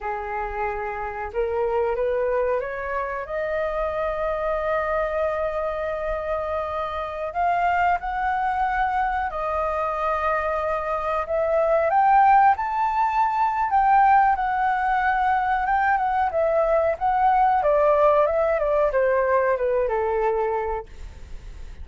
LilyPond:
\new Staff \with { instrumentName = "flute" } { \time 4/4 \tempo 4 = 92 gis'2 ais'4 b'4 | cis''4 dis''2.~ | dis''2.~ dis''16 f''8.~ | f''16 fis''2 dis''4.~ dis''16~ |
dis''4~ dis''16 e''4 g''4 a''8.~ | a''4 g''4 fis''2 | g''8 fis''8 e''4 fis''4 d''4 | e''8 d''8 c''4 b'8 a'4. | }